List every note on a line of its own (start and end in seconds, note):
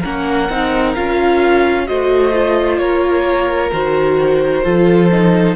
0.00 0.49 A#3
0.00 0.49 C#4
0.00 1.85 A#4
0.00 0.95 F#5
0.49 0.95 C4
0.49 0.96 D#4
0.95 1.89 C#4
0.95 1.87 F4
0.95 1.87 F5
1.87 2.79 A3
1.87 2.33 F#4
1.87 2.80 C5
1.87 2.78 D#5
2.33 3.72 F4
2.78 3.71 A#3
2.78 4.64 A#4
2.78 3.71 C#5
3.72 4.65 D#3
3.72 4.64 F#4
3.72 5.56 C5
4.64 5.56 F3
4.64 5.10 F4
4.64 5.56 A4
5.12 5.56 D#4